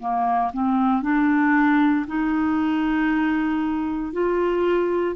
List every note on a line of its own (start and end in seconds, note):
0.00 0.52 A#3
0.53 1.03 C4
1.03 2.06 D4
2.07 4.13 D#4
4.13 5.16 F4